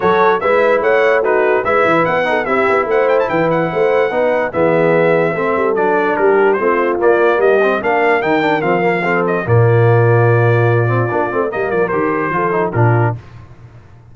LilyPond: <<
  \new Staff \with { instrumentName = "trumpet" } { \time 4/4 \tempo 4 = 146 cis''4 e''4 fis''4 b'4 | e''4 fis''4 e''4 fis''8 g''16 a''16 | g''8 fis''2~ fis''8 e''4~ | e''2 d''4 ais'4 |
c''4 d''4 dis''4 f''4 | g''4 f''4. dis''8 d''4~ | d''1 | dis''8 d''8 c''2 ais'4 | }
  \new Staff \with { instrumentName = "horn" } { \time 4/4 a'4 b'4 cis''4 fis'4 | b'4. a'8 g'4 c''4 | b'4 c''4 b'4 gis'4~ | gis'4 a'2 g'4 |
f'2 g'4 ais'4~ | ais'2 a'4 f'4~ | f'1 | ais'2 a'4 f'4 | }
  \new Staff \with { instrumentName = "trombone" } { \time 4/4 fis'4 e'2 dis'4 | e'4. dis'8 e'2~ | e'2 dis'4 b4~ | b4 c'4 d'2 |
c'4 ais4. c'8 d'4 | dis'8 d'8 c'8 ais8 c'4 ais4~ | ais2~ ais8 c'8 d'8 c'8 | ais4 g'4 f'8 dis'8 d'4 | }
  \new Staff \with { instrumentName = "tuba" } { \time 4/4 fis4 gis4 a2 | gis8 e8 b4 c'8 b8 a4 | e4 a4 b4 e4~ | e4 a8 g8 fis4 g4 |
a4 ais4 g4 ais4 | dis4 f2 ais,4~ | ais,2. ais8 a8 | g8 f8 dis4 f4 ais,4 | }
>>